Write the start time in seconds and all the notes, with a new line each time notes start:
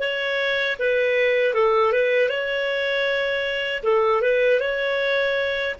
0.00 C#5
0.79 B4
1.54 A4
1.93 B4
2.29 C#5
3.84 A4
4.22 B4
4.60 C#5